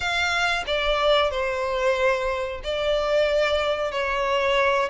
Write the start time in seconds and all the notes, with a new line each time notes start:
0.00 F5
0.66 D5
1.30 C5
2.63 D5
3.91 C#5